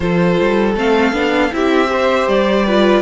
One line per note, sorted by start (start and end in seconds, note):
0.00 0.37 F3
0.00 0.75 F4
0.00 1.53 A4
0.00 0.75 C5
0.40 0.76 G3
0.75 1.12 A3
0.75 1.12 C4
0.75 1.54 F5
1.12 1.50 B3
1.12 1.50 D4
1.52 2.27 C4
1.52 1.86 E4
1.52 1.90 G4
1.52 2.28 E5
1.86 2.62 G4
1.86 2.65 C5
2.27 3.02 G3
2.27 3.02 D5
2.65 3.02 F4
2.65 3.02 B4